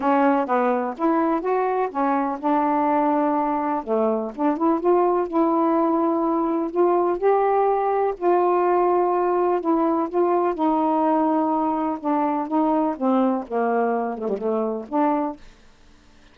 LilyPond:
\new Staff \with { instrumentName = "saxophone" } { \time 4/4 \tempo 4 = 125 cis'4 b4 e'4 fis'4 | cis'4 d'2. | a4 d'8 e'8 f'4 e'4~ | e'2 f'4 g'4~ |
g'4 f'2. | e'4 f'4 dis'2~ | dis'4 d'4 dis'4 c'4 | ais4. a16 g16 a4 d'4 | }